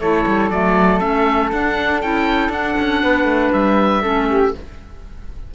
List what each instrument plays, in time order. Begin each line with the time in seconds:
0.00 cello A3, clarinet E4, flute A4, oboe C#5
0.27 cello G3
0.50 cello F#3, clarinet A3, oboe D5
1.00 cello A3, clarinet C#4, oboe E5
1.53 cello D4, clarinet D4, oboe F#5
2.02 cello C#4, clarinet E4, oboe G5
2.49 cello D4, clarinet D4, oboe F#5
2.80 cello C#4
3.03 cello B3, flute B4
3.24 cello A3
3.53 cello G3, oboe E5
4.02 cello A3, clarinet C#4, flute A4
4.29 flute G4